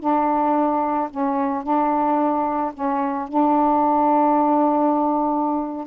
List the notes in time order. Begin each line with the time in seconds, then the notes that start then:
0.00 D4
1.10 C#4
1.63 D4
2.74 C#4
3.28 D4